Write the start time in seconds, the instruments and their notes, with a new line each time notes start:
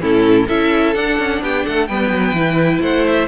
0.00 cello A2, viola C#4, violin E4 A4
0.47 cello C#4, viola E4, violin A4 E5
0.95 viola D4, cello D4, violin F#5
1.19 cello C#4
1.42 cello B3, violin G4 G5
1.65 cello A3, violin A4 F#5
1.87 cello G3, viola B3, violin B4 G5
2.10 cello F#3
2.32 cello E3, viola E4
2.81 cello A3, violin C5 F#5
3.07 violin E5